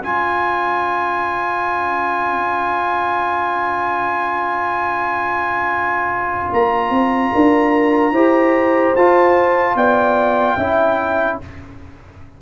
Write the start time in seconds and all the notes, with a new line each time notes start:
0.00 C#4 F4 C#5 G#5
6.52 A#3 A#5
6.90 C4
7.32 D4 A#4
8.12 E4 G4 C5
8.96 F4 A5
9.75 B3 D5 G5
10.56 C#4 E4 E5